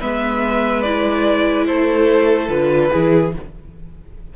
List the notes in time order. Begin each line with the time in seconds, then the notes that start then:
0.00 G#3 B3 B4 E5
0.82 E4 D5
1.66 A3 A4 C5
2.48 D3 F4 B4
2.91 E3 E4 G#4